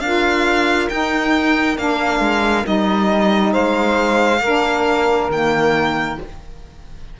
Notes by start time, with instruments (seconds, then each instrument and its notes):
0.00 cello D4, saxophone F4 A#4, violin F5
0.89 saxophone D#4, cello D#4, violin G5
1.77 cello A#3, saxophone D4, violin F5
2.20 cello G#3
2.63 cello G3, saxophone D#4, violin D#5
3.52 cello G#3, saxophone C5, violin F5
4.40 cello A#3, saxophone D4 A#4
5.29 cello D#3, saxophone A#3, violin G5